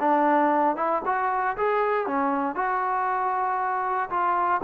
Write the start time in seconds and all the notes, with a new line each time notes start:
0.00 D4
0.76 E4
1.06 F#4
1.57 G#4
2.07 C#4
2.56 F#4
4.10 F4